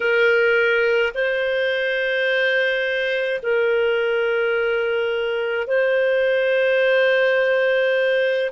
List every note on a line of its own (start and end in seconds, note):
0.00 1.12 A#4
1.14 3.40 C5
3.42 5.67 A#4
5.67 8.50 C5